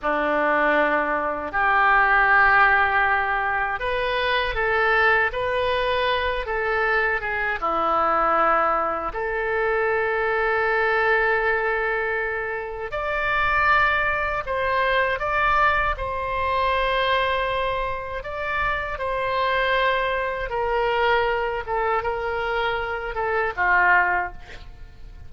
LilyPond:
\new Staff \with { instrumentName = "oboe" } { \time 4/4 \tempo 4 = 79 d'2 g'2~ | g'4 b'4 a'4 b'4~ | b'8 a'4 gis'8 e'2 | a'1~ |
a'4 d''2 c''4 | d''4 c''2. | d''4 c''2 ais'4~ | ais'8 a'8 ais'4. a'8 f'4 | }